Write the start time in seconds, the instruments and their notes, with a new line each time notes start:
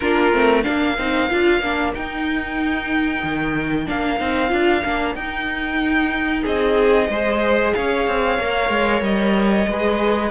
0.00 cello A#3, viola D4, violin F4 A#4
0.32 cello A3, viola C4
0.62 cello A#3, viola D4, violin A#4 F5
0.98 cello C4, viola D#4
1.29 cello D4, viola F4
1.60 cello A#3, viola D4
1.94 viola D#4, cello D#4, violin G5
3.23 cello D#3
3.85 cello A#3, viola D4, violin F5
4.19 cello C4, viola D#4
4.48 cello D4, viola F4
4.84 cello A#3, viola D4
5.15 cello D#4, viola D#4, violin G5
6.43 cello C4, violin G#4 D#5
7.08 cello G#3, viola G#4, violin C5
7.74 cello C#4, violin C#5 F5
8.07 cello C4
8.38 cello A#3, viola A#4
8.69 cello G#3
9.01 cello G3, violin D#5
9.67 cello G#3, viola G#4, violin B4